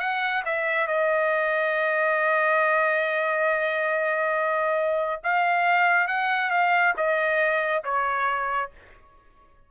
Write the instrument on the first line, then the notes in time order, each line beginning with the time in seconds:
trumpet
0.00 F#5
0.46 E5
0.87 D#5
5.24 F5
6.08 F#5
6.51 F5
6.97 D#5
7.84 C#5